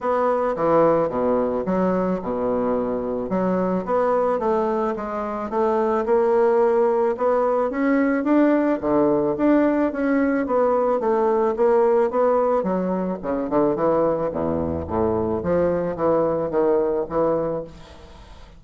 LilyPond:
\new Staff \with { instrumentName = "bassoon" } { \time 4/4 \tempo 4 = 109 b4 e4 b,4 fis4 | b,2 fis4 b4 | a4 gis4 a4 ais4~ | ais4 b4 cis'4 d'4 |
d4 d'4 cis'4 b4 | a4 ais4 b4 fis4 | cis8 d8 e4 e,4 a,4 | f4 e4 dis4 e4 | }